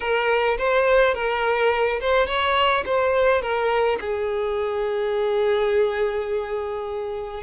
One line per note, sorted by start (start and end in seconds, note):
0.00 0.57 A#4
0.58 1.14 C5
1.14 2.00 A#4
2.00 2.26 C5
2.26 2.84 C#5
2.85 3.41 C5
3.41 3.98 A#4
4.00 7.43 G#4